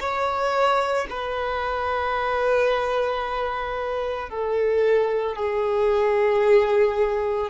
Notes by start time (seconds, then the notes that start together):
0.00 C#5
1.10 B4
4.30 A4
5.36 G#4